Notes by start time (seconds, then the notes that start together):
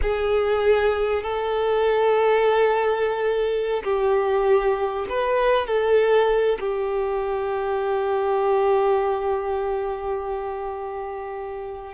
0.02 G#4
1.22 A4
3.83 G4
5.09 B4
5.67 A4
6.59 G4